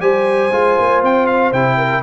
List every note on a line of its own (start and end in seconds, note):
0.00 0.50 G3
0.00 0.51 G4
0.00 1.78 C5
0.00 1.02 G#5
0.51 0.77 G#3
0.51 1.53 F4
0.79 1.03 A#3
1.03 1.52 C4
1.03 1.27 G5
1.27 1.52 F5
1.52 2.03 C3
1.52 2.03 E4
1.52 2.03 G5
1.78 2.03 A#4